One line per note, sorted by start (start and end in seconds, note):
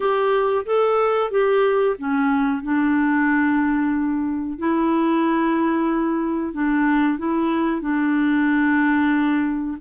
0.00 0.65 G4
0.65 1.30 A4
1.30 1.96 G4
1.98 2.62 C#4
2.62 4.58 D4
4.58 6.53 E4
6.53 7.18 D4
7.18 7.81 E4
7.81 9.76 D4